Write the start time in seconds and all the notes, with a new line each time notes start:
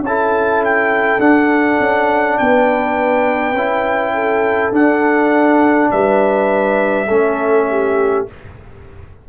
0.00 C#4 A5
0.07 E4 A4
0.64 G5
1.19 D4 F#5
1.79 C#4
2.38 B3 B4 G5
3.53 C#4 E4
4.13 A4
4.72 D4 F#5
5.90 G3 B4 E5
7.07 A3 C#4 A4
7.70 G4